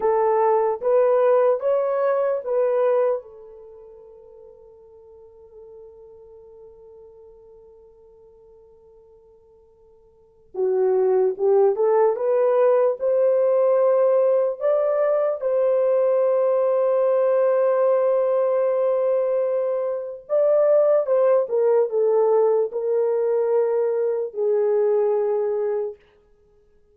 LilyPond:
\new Staff \with { instrumentName = "horn" } { \time 4/4 \tempo 4 = 74 a'4 b'4 cis''4 b'4 | a'1~ | a'1~ | a'4 fis'4 g'8 a'8 b'4 |
c''2 d''4 c''4~ | c''1~ | c''4 d''4 c''8 ais'8 a'4 | ais'2 gis'2 | }